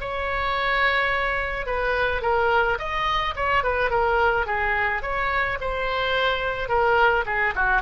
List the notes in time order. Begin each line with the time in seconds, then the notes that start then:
0.00 C#5
1.66 B4
2.22 A#4
2.78 D#5
3.36 C#5
3.63 B4
3.90 A#4
4.46 G#4
5.02 C#5
5.60 C5
6.69 A#4
7.26 G#4
7.55 F#4